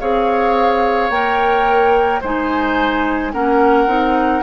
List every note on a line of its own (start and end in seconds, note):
0.00 1.10 C4
0.00 1.11 G#4
0.00 2.21 C#5
0.00 1.10 F5
1.10 2.21 A#3
1.10 2.22 A#4
1.10 2.21 G5
2.21 3.33 G#3
2.21 3.33 D#4
2.21 3.32 C5
2.21 3.33 G#5
3.33 3.87 A#3
3.33 3.88 C#4
3.33 4.43 A#4
3.33 4.43 F#5
3.87 4.42 C4
3.87 4.43 D#4